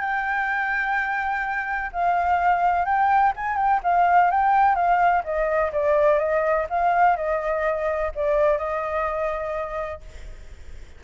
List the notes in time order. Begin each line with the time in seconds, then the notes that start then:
0.00 G5
1.92 F5
2.85 G5
3.36 G#5
3.56 G5
3.83 F5
4.31 G5
4.75 F5
5.24 D#5
5.72 D5
6.19 D#5
6.69 F5
7.16 D#5
8.15 D5
8.58 D#5